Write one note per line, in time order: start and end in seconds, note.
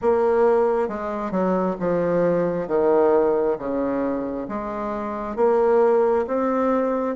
0.01 0.88 A#3
0.88 1.31 G#3
1.31 1.76 F#3
1.79 2.67 F3
2.67 3.57 D#3
3.58 4.47 C#3
4.48 5.36 G#3
5.36 6.25 A#3
6.27 7.15 C4